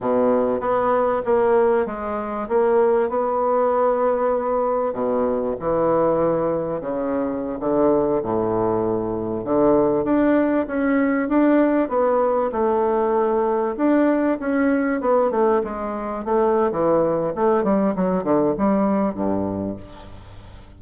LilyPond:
\new Staff \with { instrumentName = "bassoon" } { \time 4/4 \tempo 4 = 97 b,4 b4 ais4 gis4 | ais4 b2. | b,4 e2 cis4~ | cis16 d4 a,2 d8.~ |
d16 d'4 cis'4 d'4 b8.~ | b16 a2 d'4 cis'8.~ | cis'16 b8 a8 gis4 a8. e4 | a8 g8 fis8 d8 g4 g,4 | }